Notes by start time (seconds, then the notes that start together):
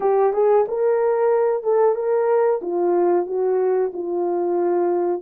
0.00 G4
0.33 G#4
0.68 A#4
1.63 A4
1.95 A#4
2.61 F4
3.26 F#4
3.93 F4